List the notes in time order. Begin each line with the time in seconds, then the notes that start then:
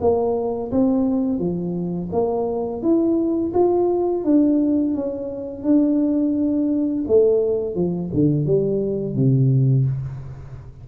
0.00 A#3
0.71 C4
1.39 F3
2.12 A#3
2.82 E4
3.54 F4
4.24 D4
4.94 C#4
5.63 D4
7.07 A3
7.75 F3
8.13 D3
8.45 G3
9.14 C3